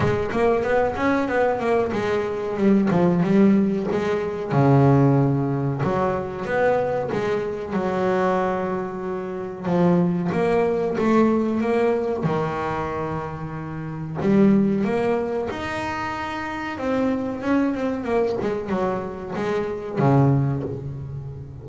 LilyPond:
\new Staff \with { instrumentName = "double bass" } { \time 4/4 \tempo 4 = 93 gis8 ais8 b8 cis'8 b8 ais8 gis4 | g8 f8 g4 gis4 cis4~ | cis4 fis4 b4 gis4 | fis2. f4 |
ais4 a4 ais4 dis4~ | dis2 g4 ais4 | dis'2 c'4 cis'8 c'8 | ais8 gis8 fis4 gis4 cis4 | }